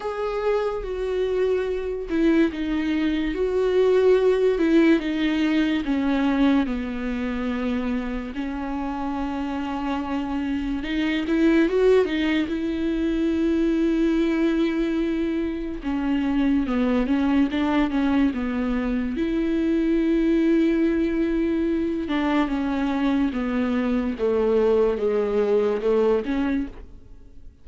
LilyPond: \new Staff \with { instrumentName = "viola" } { \time 4/4 \tempo 4 = 72 gis'4 fis'4. e'8 dis'4 | fis'4. e'8 dis'4 cis'4 | b2 cis'2~ | cis'4 dis'8 e'8 fis'8 dis'8 e'4~ |
e'2. cis'4 | b8 cis'8 d'8 cis'8 b4 e'4~ | e'2~ e'8 d'8 cis'4 | b4 a4 gis4 a8 cis'8 | }